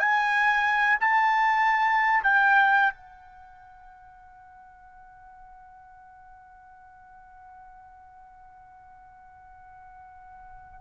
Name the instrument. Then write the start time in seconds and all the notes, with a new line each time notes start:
trumpet
0.00 G#5
1.01 A5
2.24 G5
2.95 F#5